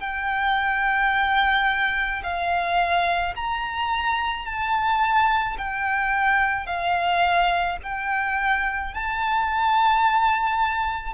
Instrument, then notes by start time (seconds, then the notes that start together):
violin
0.00 G5
2.23 F5
3.36 A#5
4.46 A5
5.58 G5
6.66 F5
7.83 G5
8.94 A5